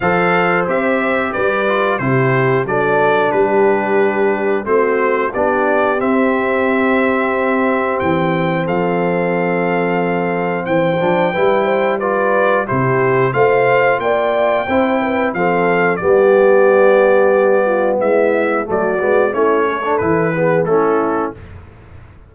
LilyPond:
<<
  \new Staff \with { instrumentName = "trumpet" } { \time 4/4 \tempo 4 = 90 f''4 e''4 d''4 c''4 | d''4 b'2 c''4 | d''4 e''2. | g''4 f''2. |
g''2 d''4 c''4 | f''4 g''2 f''4 | d''2. e''4 | d''4 cis''4 b'4 a'4 | }
  \new Staff \with { instrumentName = "horn" } { \time 4/4 c''2 b'4 g'4 | a'4 g'2 fis'4 | g'1~ | g'4 a'2. |
c''4 b'8 c''8 b'4 g'4 | c''4 d''4 c''8 b'8 a'4 | g'2~ g'8 f'8 e'4 | fis'4 e'8 a'4 gis'8 e'4 | }
  \new Staff \with { instrumentName = "trombone" } { \time 4/4 a'4 g'4. f'8 e'4 | d'2. c'4 | d'4 c'2.~ | c'1~ |
c'8 d'8 e'4 f'4 e'4 | f'2 e'4 c'4 | b1 | a8 b8 cis'8. d'16 e'8 b8 cis'4 | }
  \new Staff \with { instrumentName = "tuba" } { \time 4/4 f4 c'4 g4 c4 | fis4 g2 a4 | b4 c'2. | e4 f2. |
e8 f8 g2 c4 | a4 ais4 c'4 f4 | g2. gis4 | fis8 gis8 a4 e4 a4 | }
>>